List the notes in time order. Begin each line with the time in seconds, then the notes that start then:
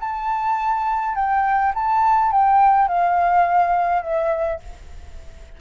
0.00 A5
1.15 G5
1.74 A5
2.32 G5
2.88 F5
4.03 E5